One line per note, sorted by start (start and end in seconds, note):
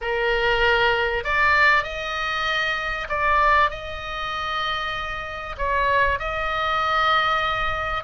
0.01 1.24 A#4
1.24 1.83 D5
1.83 3.07 D#5
3.08 3.70 D5
3.70 5.55 D#5
5.57 6.19 C#5
6.19 8.03 D#5